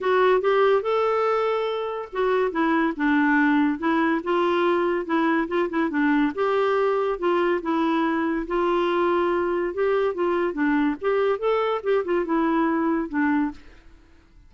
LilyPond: \new Staff \with { instrumentName = "clarinet" } { \time 4/4 \tempo 4 = 142 fis'4 g'4 a'2~ | a'4 fis'4 e'4 d'4~ | d'4 e'4 f'2 | e'4 f'8 e'8 d'4 g'4~ |
g'4 f'4 e'2 | f'2. g'4 | f'4 d'4 g'4 a'4 | g'8 f'8 e'2 d'4 | }